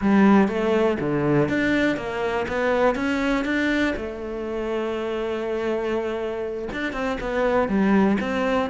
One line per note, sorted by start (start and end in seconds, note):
0.01 0.48 G3
0.48 0.97 A3
1.00 1.49 D3
1.49 1.96 D4
1.96 2.46 A#3
2.47 2.95 B3
2.95 3.44 C#4
3.45 3.94 D4
3.96 6.69 A3
6.72 6.93 D4
6.93 7.17 C4
7.20 7.68 B3
7.68 8.18 G3
8.20 8.70 C4